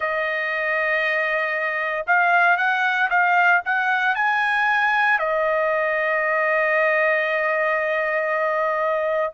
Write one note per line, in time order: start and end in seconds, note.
0.00 2.05 D#5
2.06 2.57 F5
2.57 3.08 F#5
3.09 3.61 F5
3.64 4.15 F#5
4.15 5.18 G#5
5.19 9.32 D#5